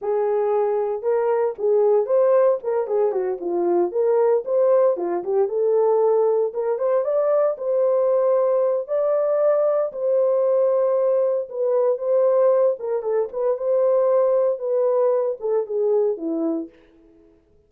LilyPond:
\new Staff \with { instrumentName = "horn" } { \time 4/4 \tempo 4 = 115 gis'2 ais'4 gis'4 | c''4 ais'8 gis'8 fis'8 f'4 ais'8~ | ais'8 c''4 f'8 g'8 a'4.~ | a'8 ais'8 c''8 d''4 c''4.~ |
c''4 d''2 c''4~ | c''2 b'4 c''4~ | c''8 ais'8 a'8 b'8 c''2 | b'4. a'8 gis'4 e'4 | }